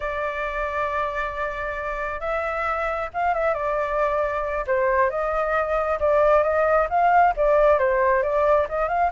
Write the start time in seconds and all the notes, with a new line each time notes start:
0.00 D5
2.20 E5
3.13 F5
3.33 E5
3.54 D5
4.66 C5
5.10 D#5
5.99 D5
6.43 D#5
6.89 F5
7.36 D5
7.78 C5
8.22 D5
8.68 D#5
8.88 F5